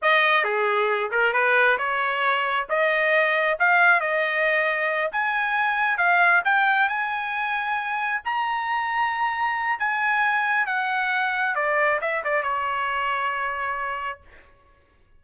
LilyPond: \new Staff \with { instrumentName = "trumpet" } { \time 4/4 \tempo 4 = 135 dis''4 gis'4. ais'8 b'4 | cis''2 dis''2 | f''4 dis''2~ dis''8 gis''8~ | gis''4. f''4 g''4 gis''8~ |
gis''2~ gis''8 ais''4.~ | ais''2 gis''2 | fis''2 d''4 e''8 d''8 | cis''1 | }